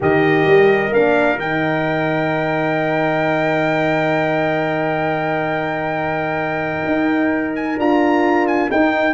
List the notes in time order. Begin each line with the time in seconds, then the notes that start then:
0.00 D#3 G4 A#4 D#5
0.45 G3
0.91 A#3 D4 F5
1.36 D#3 D#4 G5
6.86 D#4
7.55 G#5
7.77 D4 F4 A#5
8.47 G#5
8.69 D#4 G5